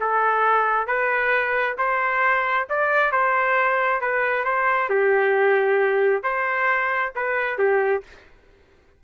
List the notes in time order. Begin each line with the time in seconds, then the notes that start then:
0.00 A4
0.87 B4
1.78 C5
2.69 D5
3.12 C5
4.01 B4
4.45 C5
4.89 G4
6.23 C5
7.15 B4
7.58 G4